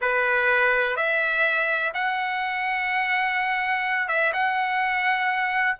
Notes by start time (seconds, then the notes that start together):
0.01 B4
0.96 E5
1.94 F#5
4.08 E5
4.33 F#5